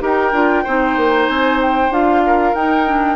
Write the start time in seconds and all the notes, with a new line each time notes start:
0.00 D#4 G4 A#4 G5
0.32 D4 F4
0.63 C4 D#4 C5
0.96 A#3
1.28 C4 G#5
1.61 G5
1.89 D4 F4 F5
2.26 A#4
2.54 D#4 G5
2.86 D4